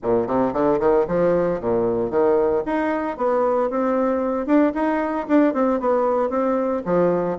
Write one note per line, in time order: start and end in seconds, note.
0.03 0.27 A#2
0.27 0.53 C3
0.53 0.79 D3
0.79 1.06 D#3
1.07 1.60 F3
1.60 2.10 A#2
2.10 2.63 D#3
2.65 3.17 D#4
3.17 3.69 B3
3.70 4.46 C4
4.46 4.72 D4
4.74 5.27 D#4
5.27 5.53 D4
5.53 5.80 C4
5.80 6.29 B3
6.29 6.82 C4
6.85 7.37 F3